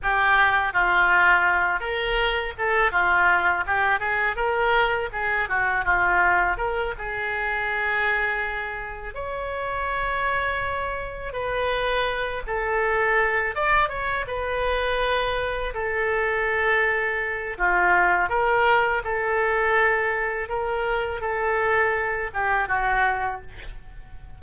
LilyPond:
\new Staff \with { instrumentName = "oboe" } { \time 4/4 \tempo 4 = 82 g'4 f'4. ais'4 a'8 | f'4 g'8 gis'8 ais'4 gis'8 fis'8 | f'4 ais'8 gis'2~ gis'8~ | gis'8 cis''2. b'8~ |
b'4 a'4. d''8 cis''8 b'8~ | b'4. a'2~ a'8 | f'4 ais'4 a'2 | ais'4 a'4. g'8 fis'4 | }